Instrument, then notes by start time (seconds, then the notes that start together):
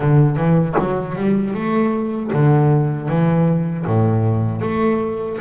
double bass
0.00 D3
0.37 E3
0.79 F#3
1.15 G3
1.54 A3
2.33 D3
3.08 E3
3.85 A2
4.61 A3